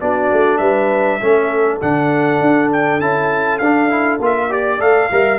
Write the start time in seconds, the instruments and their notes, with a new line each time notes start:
0.00 tuba B3, trombone D4, horn F#4, trumpet D5
0.32 tuba A3
0.58 tuba G3, horn B4, trumpet E5
1.21 tuba A3, trombone C#4, horn A4
1.81 tuba D3, trombone D4, trumpet F#5
2.41 tuba D4
2.72 trumpet G5
3.00 tuba C#4, trombone E4, trumpet A5
3.58 tuba D4, trombone D4, trumpet F5
3.89 trombone E4
4.20 tuba A#3, trombone F4, trumpet E5
4.50 trombone G4, horn D5, trumpet D5
4.80 tuba A3, trombone A4, trumpet F5
5.11 tuba G3, trombone A#4, horn E5